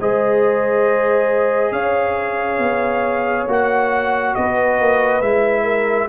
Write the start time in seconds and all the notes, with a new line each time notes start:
0.00 G#3 G#4 C5 D#5
1.72 C#4 C#5 F5
2.59 B3
3.47 A#3 F#4 F#5
4.35 B3 B4 D#5
4.79 A#3
5.20 G#3 E4 E5
5.64 A#4